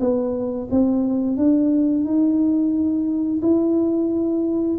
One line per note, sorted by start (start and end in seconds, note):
0.00 0.68 B3
0.71 1.37 C4
1.37 2.05 D4
2.05 3.41 D#4
3.42 4.78 E4